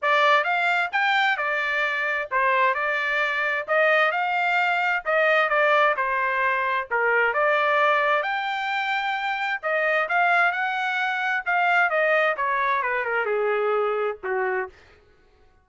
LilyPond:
\new Staff \with { instrumentName = "trumpet" } { \time 4/4 \tempo 4 = 131 d''4 f''4 g''4 d''4~ | d''4 c''4 d''2 | dis''4 f''2 dis''4 | d''4 c''2 ais'4 |
d''2 g''2~ | g''4 dis''4 f''4 fis''4~ | fis''4 f''4 dis''4 cis''4 | b'8 ais'8 gis'2 fis'4 | }